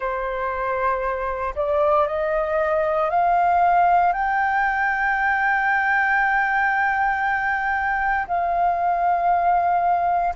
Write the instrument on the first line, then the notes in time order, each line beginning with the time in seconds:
flute
0.00 C5
1.55 D5
2.07 D#5
3.10 F5
4.12 G5
8.27 F5